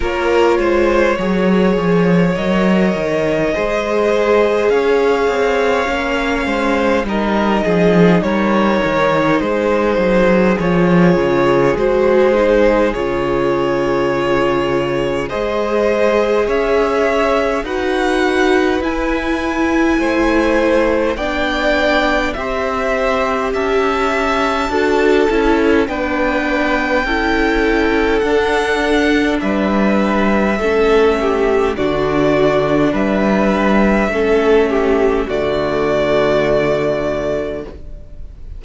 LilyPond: <<
  \new Staff \with { instrumentName = "violin" } { \time 4/4 \tempo 4 = 51 cis''2 dis''2 | f''2 dis''4 cis''4 | c''4 cis''4 c''4 cis''4~ | cis''4 dis''4 e''4 fis''4 |
gis''2 g''4 e''4 | a''2 g''2 | fis''4 e''2 d''4 | e''2 d''2 | }
  \new Staff \with { instrumentName = "violin" } { \time 4/4 ais'8 c''8 cis''2 c''4 | cis''4. c''8 ais'8 gis'8 ais'4 | gis'1~ | gis'4 c''4 cis''4 b'4~ |
b'4 c''4 d''4 c''4 | e''4 a'4 b'4 a'4~ | a'4 b'4 a'8 g'8 fis'4 | b'4 a'8 g'8 fis'2 | }
  \new Staff \with { instrumentName = "viola" } { \time 4/4 f'4 gis'4 ais'4 gis'4~ | gis'4 cis'4 dis'2~ | dis'4 f'4 fis'8 dis'8 f'4~ | f'4 gis'2 fis'4 |
e'2 d'4 g'4~ | g'4 fis'8 e'8 d'4 e'4 | d'2 cis'4 d'4~ | d'4 cis'4 a2 | }
  \new Staff \with { instrumentName = "cello" } { \time 4/4 ais8 gis8 fis8 f8 fis8 dis8 gis4 | cis'8 c'8 ais8 gis8 g8 f8 g8 dis8 | gis8 fis8 f8 cis8 gis4 cis4~ | cis4 gis4 cis'4 dis'4 |
e'4 a4 b4 c'4 | cis'4 d'8 cis'8 b4 cis'4 | d'4 g4 a4 d4 | g4 a4 d2 | }
>>